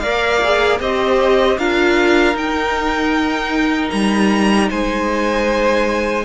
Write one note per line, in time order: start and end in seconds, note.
0.00 0.81 A#3
0.00 0.42 A#4
0.00 0.81 D5
0.00 0.78 F5
0.44 0.81 G#4
0.81 1.58 C4
0.81 1.59 G4
0.81 1.59 C5
0.81 1.59 D#5
1.59 2.35 D4
1.59 2.35 F4
1.59 4.70 A#4
1.59 2.37 F5
2.35 3.91 D#4
2.35 6.25 D#4
2.35 3.91 G5
3.91 4.71 G3
3.91 4.69 A#5
4.70 6.25 G#3
4.70 6.25 C5
4.70 6.25 G#5